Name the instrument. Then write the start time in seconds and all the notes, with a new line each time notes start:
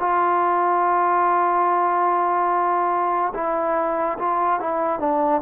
trombone
0.00 F4
3.34 E4
4.19 F4
4.60 E4
5.00 D4